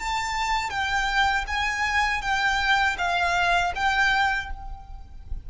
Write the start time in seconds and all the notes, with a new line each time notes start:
0.00 A5
0.70 G5
1.48 G#5
2.22 G5
2.98 F5
3.75 G5